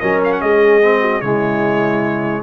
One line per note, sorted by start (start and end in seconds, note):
0.00 0.42 F#3
0.00 0.82 C#4
0.00 0.41 A#4
0.00 0.20 D#5
0.25 0.33 F5
0.33 0.41 F#5
0.41 1.22 G#3
0.41 1.01 G#4
0.41 1.21 D#5
0.82 1.23 C4
1.01 1.21 F#4
1.21 2.43 C#3
1.21 2.43 G#3
1.21 2.43 E4
1.21 2.43 C#5